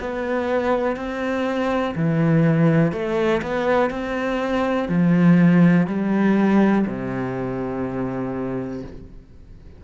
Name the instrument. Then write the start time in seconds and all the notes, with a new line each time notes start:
cello
0.00 B3
0.96 C4
1.95 E3
2.92 A3
3.42 B3
3.90 C4
4.89 F3
5.87 G3
6.86 C3